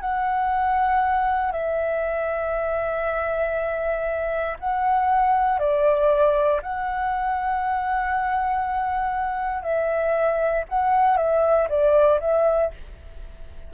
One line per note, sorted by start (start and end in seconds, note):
0.00 1.51 F#5
1.51 4.56 E5
4.59 5.58 F#5
5.58 6.60 D5
6.62 9.62 F#5
9.62 10.64 E5
10.68 11.16 F#5
11.16 11.67 E5
11.69 12.19 D5
12.20 12.71 E5